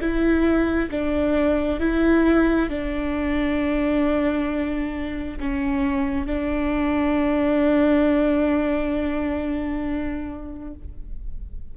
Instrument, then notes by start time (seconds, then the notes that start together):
viola
0.00 E4
0.90 D4
1.80 E4
2.69 D4
5.39 C#4
6.26 D4